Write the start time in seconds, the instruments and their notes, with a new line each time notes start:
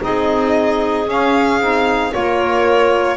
0.00 double bass C4, saxophone D#4, clarinet G#4, violin D#5
1.07 saxophone C#4, double bass C#4, violin F5
1.60 double bass C4, saxophone D#4
2.11 double bass A#3, saxophone F4, clarinet A#4, violin C#5